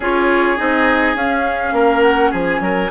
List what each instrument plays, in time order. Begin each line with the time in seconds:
0.00 bassoon C#4, clarinet F4, oboe G#4, flute C#5
0.57 bassoon C4, clarinet D#4, flute D#5
1.14 bassoon C#4, clarinet C#4, flute F5
1.72 bassoon A#3, oboe A#4
2.02 flute F#5
2.30 bassoon F3, oboe G#4, flute G#5
2.60 bassoon F#3, oboe A#4